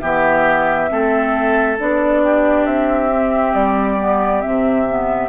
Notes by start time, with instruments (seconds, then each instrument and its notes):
0.00 bassoon E3, clarinet B3, oboe G4, flute E5
0.89 bassoon A3, clarinet C4, oboe A4
1.79 bassoon B3, clarinet D4, flute D5
2.23 oboe G4
2.66 bassoon C4, flute E5
3.11 clarinet C4
3.54 bassoon G3, flute D5
3.99 clarinet B3
4.41 bassoon C3, clarinet C4, flute E5
4.89 clarinet B3